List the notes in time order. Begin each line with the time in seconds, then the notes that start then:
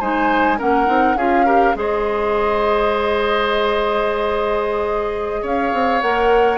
0.00 G#3 D#4 C5 G#5
0.58 A#3 C#4 A#4 F#5
0.86 C4 D#4
1.15 C#4 F4 G#4 F5
1.45 G4 A#4
1.74 G#3 G#4 C5 D#5
5.42 C#4 C#5 F5
5.72 C4
6.02 A#3 A#4 F#5